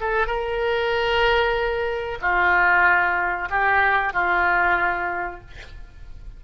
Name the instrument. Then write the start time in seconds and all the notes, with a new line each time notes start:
oboe
0.00 A4
0.27 A#4
2.21 F4
3.49 G4
4.13 F4